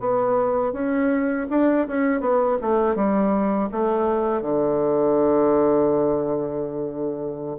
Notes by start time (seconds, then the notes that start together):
0.00 B3
0.73 C#4
1.50 D4
1.88 C#4
2.21 B3
2.62 A3
2.96 G3
3.72 A3
4.42 D3